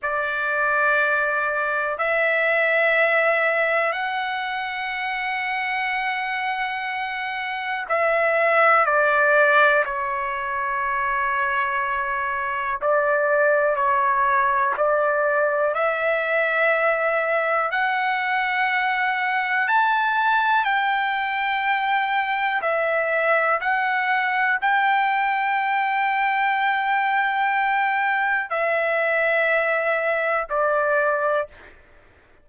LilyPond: \new Staff \with { instrumentName = "trumpet" } { \time 4/4 \tempo 4 = 61 d''2 e''2 | fis''1 | e''4 d''4 cis''2~ | cis''4 d''4 cis''4 d''4 |
e''2 fis''2 | a''4 g''2 e''4 | fis''4 g''2.~ | g''4 e''2 d''4 | }